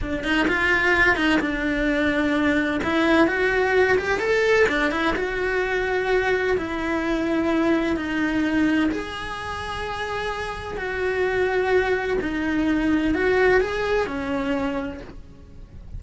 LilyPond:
\new Staff \with { instrumentName = "cello" } { \time 4/4 \tempo 4 = 128 d'8 dis'8 f'4. dis'8 d'4~ | d'2 e'4 fis'4~ | fis'8 g'8 a'4 d'8 e'8 fis'4~ | fis'2 e'2~ |
e'4 dis'2 gis'4~ | gis'2. fis'4~ | fis'2 dis'2 | fis'4 gis'4 cis'2 | }